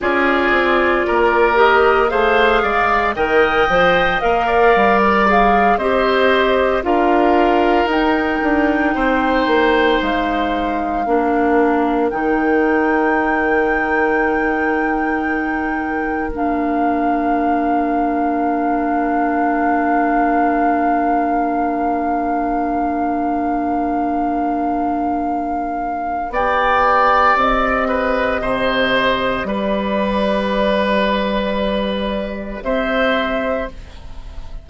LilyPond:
<<
  \new Staff \with { instrumentName = "flute" } { \time 4/4 \tempo 4 = 57 d''4. dis''8 f''4 g''4 | f''8. ais'16 f''8 dis''4 f''4 g''8~ | g''4. f''2 g''8~ | g''2.~ g''8 f''8~ |
f''1~ | f''1~ | f''4 g''4 dis''2 | d''2. e''4 | }
  \new Staff \with { instrumentName = "oboe" } { \time 4/4 gis'4 ais'4 c''8 d''8 dis''4~ | dis''16 d''4~ d''16 c''4 ais'4.~ | ais'8 c''2 ais'4.~ | ais'1~ |
ais'1~ | ais'1~ | ais'4 d''4. b'8 c''4 | b'2. c''4 | }
  \new Staff \with { instrumentName = "clarinet" } { \time 4/4 f'4. g'8 gis'4 ais'8 c''8 | ais'4 gis'8 g'4 f'4 dis'8~ | dis'2~ dis'8 d'4 dis'8~ | dis'2.~ dis'8 d'8~ |
d'1~ | d'1~ | d'4 g'2.~ | g'1 | }
  \new Staff \with { instrumentName = "bassoon" } { \time 4/4 cis'8 c'8 ais4 a8 gis8 dis8 f8 | ais8 g4 c'4 d'4 dis'8 | d'8 c'8 ais8 gis4 ais4 dis8~ | dis2.~ dis8 ais8~ |
ais1~ | ais1~ | ais4 b4 c'4 c4 | g2. c'4 | }
>>